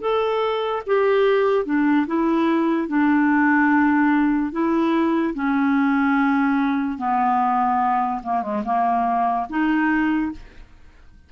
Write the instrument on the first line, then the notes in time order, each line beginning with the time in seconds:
clarinet
0.00 A4
0.86 G4
1.65 D4
2.07 E4
2.88 D4
4.52 E4
5.34 C#4
6.98 B3
8.23 A#3
8.42 G#3
8.64 A#3
9.49 D#4